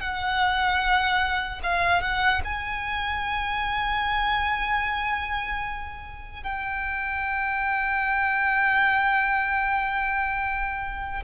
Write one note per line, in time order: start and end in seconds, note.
0.00 1.60 F#5
1.63 2.01 F5
2.01 2.41 F#5
2.44 6.43 G#5
6.43 11.23 G5